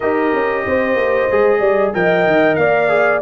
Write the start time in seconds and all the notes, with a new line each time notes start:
0.00 D#4 G4 A#4 D#5
0.33 C#4
0.66 C4 C5
0.95 A#3
1.30 G#3 G#4
1.60 G3 D5
1.93 F3 A#4 D#5 G5
2.26 D#3
2.55 A#3 D5 F5
2.89 G#4